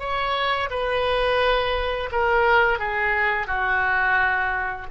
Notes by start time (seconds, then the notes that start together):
0.00 C#5
0.71 B4
2.12 A#4
2.79 G#4
3.48 F#4